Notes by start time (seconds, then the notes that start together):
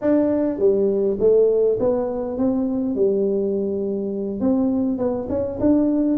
0.01 D4
0.58 G3
1.19 A3
1.79 B3
2.37 C4
2.95 G3
4.40 C4
4.98 B3
5.29 C#4
5.59 D4